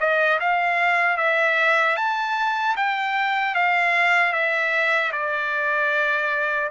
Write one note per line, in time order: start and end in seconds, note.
0.00 0.39 D#5
0.40 1.17 F5
1.17 1.96 E5
1.97 2.76 A5
2.76 3.55 G5
3.55 4.33 F5
4.33 5.12 E5
5.12 6.70 D5